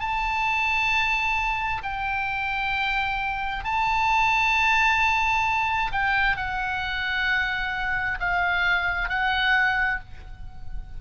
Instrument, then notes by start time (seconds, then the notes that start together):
oboe
0.00 A5
1.83 G5
3.64 A5
5.92 G5
6.37 F#5
8.20 F5
9.09 F#5